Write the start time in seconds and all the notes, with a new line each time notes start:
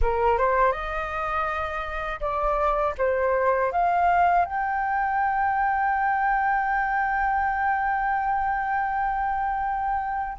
0.01 A#4
0.37 C5
0.71 D#5
2.20 D5
2.98 C5
3.71 F5
4.45 G5